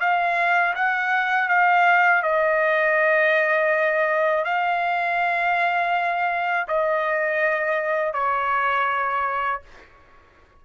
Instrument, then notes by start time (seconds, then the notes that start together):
trumpet
0.00 F5
0.75 F#5
1.48 F5
2.23 D#5
4.45 F5
6.68 D#5
8.13 C#5